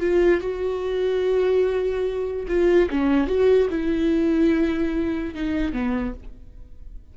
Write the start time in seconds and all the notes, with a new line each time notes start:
0.00 F4
0.41 F#4
2.48 F4
2.90 C#4
3.27 F#4
3.70 E4
5.34 D#4
5.73 B3